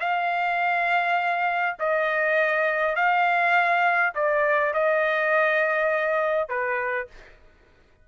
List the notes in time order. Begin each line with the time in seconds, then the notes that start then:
0.00 F5
1.79 D#5
2.95 F5
4.15 D5
4.73 D#5
6.49 B4